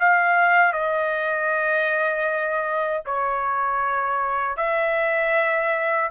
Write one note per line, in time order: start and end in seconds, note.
0.00 0.73 F5
0.73 3.04 D#5
3.06 4.57 C#5
4.57 6.11 E5